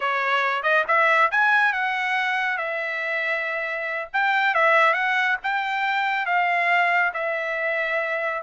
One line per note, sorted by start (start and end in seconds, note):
0.00 0.62 C#5
0.62 0.84 D#5
0.87 1.30 E5
1.31 1.73 G#5
1.73 2.57 F#5
2.57 4.08 E5
4.13 4.54 G5
4.54 4.93 E5
4.93 5.36 F#5
5.43 6.26 G5
6.26 7.12 F5
7.13 8.42 E5